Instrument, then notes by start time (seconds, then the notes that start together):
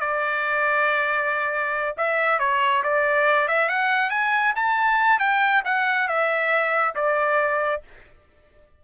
trumpet
0.00 D5
1.97 E5
2.39 C#5
2.83 D5
3.48 E5
3.69 F#5
4.10 G#5
4.56 A5
5.19 G5
5.65 F#5
6.08 E5
6.95 D5